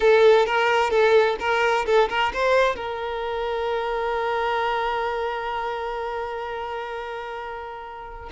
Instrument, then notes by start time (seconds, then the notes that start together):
violin
0.00 A4
0.46 A#4
0.90 A4
1.39 A#4
1.85 A4
2.09 A#4
2.33 C5
2.75 A#4